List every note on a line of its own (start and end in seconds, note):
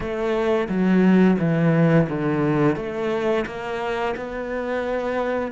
0.00 0.68 A3
0.68 1.37 F#3
1.39 2.08 E3
2.09 2.76 D3
2.76 3.45 A3
3.45 4.14 A#3
4.16 5.51 B3